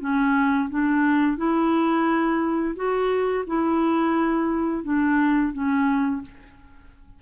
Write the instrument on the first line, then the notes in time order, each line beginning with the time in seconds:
clarinet
0.00 C#4
0.69 D4
1.37 E4
2.75 F#4
3.47 E4
4.83 D4
5.52 C#4